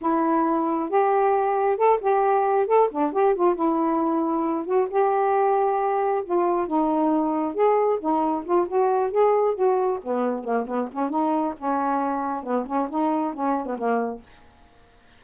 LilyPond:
\new Staff \with { instrumentName = "saxophone" } { \time 4/4 \tempo 4 = 135 e'2 g'2 | a'8 g'4. a'8 d'8 g'8 f'8 | e'2~ e'8 fis'8 g'4~ | g'2 f'4 dis'4~ |
dis'4 gis'4 dis'4 f'8 fis'8~ | fis'8 gis'4 fis'4 b4 ais8 | b8 cis'8 dis'4 cis'2 | b8 cis'8 dis'4 cis'8. b16 ais4 | }